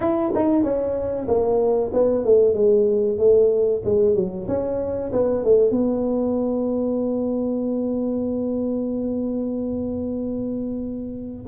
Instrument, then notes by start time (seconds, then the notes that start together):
tuba
0.00 E4
0.35 D#4
0.63 C#4
1.27 A#3
1.93 B3
2.24 A3
2.54 G#3
3.18 A3
3.84 G#3
4.15 F#3
4.47 C#4
5.12 B3
5.44 A3
5.70 B3